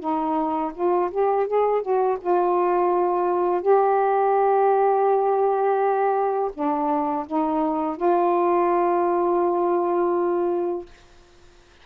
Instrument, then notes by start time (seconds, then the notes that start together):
saxophone
0.00 D#4
0.74 F4
1.11 G4
1.47 G#4
1.82 F#4
2.21 F4
3.62 G4
6.54 D4
7.27 D#4
7.96 F4